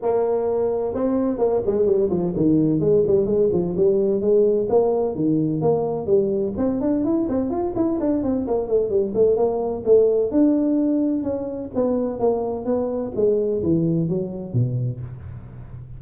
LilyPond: \new Staff \with { instrumentName = "tuba" } { \time 4/4 \tempo 4 = 128 ais2 c'4 ais8 gis8 | g8 f8 dis4 gis8 g8 gis8 f8 | g4 gis4 ais4 dis4 | ais4 g4 c'8 d'8 e'8 c'8 |
f'8 e'8 d'8 c'8 ais8 a8 g8 a8 | ais4 a4 d'2 | cis'4 b4 ais4 b4 | gis4 e4 fis4 b,4 | }